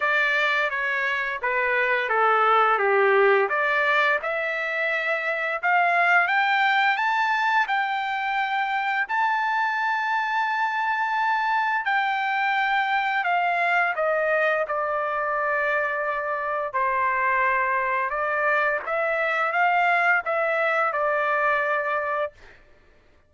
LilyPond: \new Staff \with { instrumentName = "trumpet" } { \time 4/4 \tempo 4 = 86 d''4 cis''4 b'4 a'4 | g'4 d''4 e''2 | f''4 g''4 a''4 g''4~ | g''4 a''2.~ |
a''4 g''2 f''4 | dis''4 d''2. | c''2 d''4 e''4 | f''4 e''4 d''2 | }